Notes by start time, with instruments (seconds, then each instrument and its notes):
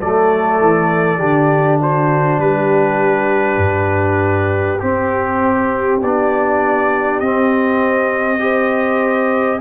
0.00 tuba F#3, trombone A3, horn A4, trumpet D5
0.60 tuba E3
1.18 tuba D3, trombone D4, horn G4
1.80 horn F#4, trumpet C5
2.38 tuba G3, horn G4, trumpet B4
3.57 tuba G2
4.79 trombone C4, tuba C4, trumpet G4
6.01 tuba B3, trombone D4, trumpet D5
7.20 tuba C4, trombone C4, trumpet D#5
8.38 trombone G4, horn C5